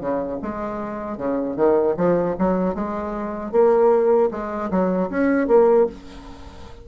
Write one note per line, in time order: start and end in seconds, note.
0.00 0.39 C#3
0.42 1.18 G#3
1.18 1.56 C#3
1.56 1.95 D#3
1.97 2.36 F3
2.38 2.75 F#3
2.75 3.52 G#3
3.52 4.30 A#3
4.31 4.70 G#3
4.70 5.09 F#3
5.10 5.48 C#4
5.48 5.87 A#3